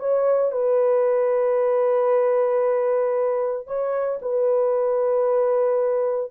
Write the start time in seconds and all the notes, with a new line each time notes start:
0.00 C#5
0.52 B4
3.67 C#5
4.22 B4